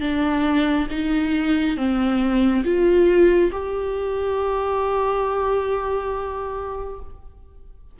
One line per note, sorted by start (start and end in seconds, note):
0.00 0.87 D4
0.90 1.77 D#4
1.77 2.64 C4
2.64 3.51 F4
3.51 6.99 G4